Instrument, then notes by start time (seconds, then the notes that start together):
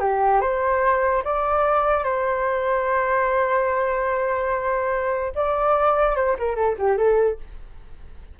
flute
0.00 G4
0.41 C5
1.25 D5
2.04 C5
5.35 D5
6.16 C5
6.39 A#4
6.56 A4
6.79 G4
6.98 A4